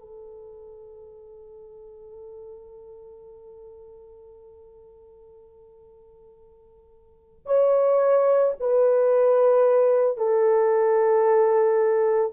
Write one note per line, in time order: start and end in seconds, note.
0.00 7.46 A4
7.46 8.53 C#5
8.60 10.17 B4
10.17 12.32 A4